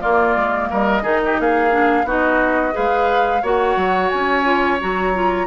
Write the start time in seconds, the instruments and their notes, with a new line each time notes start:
0.00 clarinet A#3, bassoon A#3, oboe F4, flute D5
0.36 bassoon G#3
0.70 bassoon G3, oboe A#4, flute D#5
1.02 bassoon D#3, clarinet D#4, oboe G#4
1.25 oboe G4
1.39 bassoon A#3, oboe G#4, flute F5
1.71 clarinet D4
2.04 bassoon B3, clarinet D#4, oboe F#4
2.10 flute D#5
2.72 bassoon G#3, clarinet G#4, oboe B4, flute F5
3.42 bassoon A#3, clarinet F#4, oboe C#5, flute F#5
3.76 bassoon F#3
4.10 bassoon C#4, flute G#5
4.44 clarinet F4
4.80 bassoon F#3, clarinet F#4, flute A#5
5.14 clarinet F4